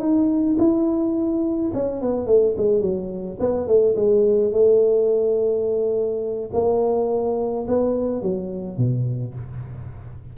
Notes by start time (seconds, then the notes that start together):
0.00 D#4
0.59 E4
1.74 C#4
2.02 B3
2.27 A3
2.58 G#3
2.82 F#3
3.40 B3
3.68 A3
3.96 G#3
4.53 A3
6.54 A#3
7.68 B3
8.23 F#3
8.78 B2